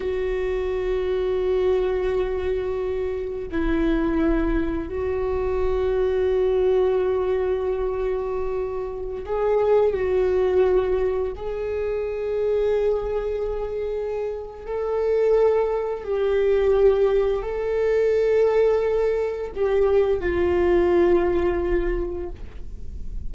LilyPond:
\new Staff \with { instrumentName = "viola" } { \time 4/4 \tempo 4 = 86 fis'1~ | fis'4 e'2 fis'4~ | fis'1~ | fis'4~ fis'16 gis'4 fis'4.~ fis'16~ |
fis'16 gis'2.~ gis'8.~ | gis'4 a'2 g'4~ | g'4 a'2. | g'4 f'2. | }